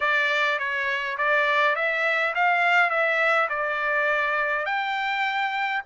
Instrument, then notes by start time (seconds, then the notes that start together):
trumpet
0.00 D5
0.58 C#5
1.17 D5
1.75 E5
2.34 F5
2.90 E5
3.49 D5
4.65 G5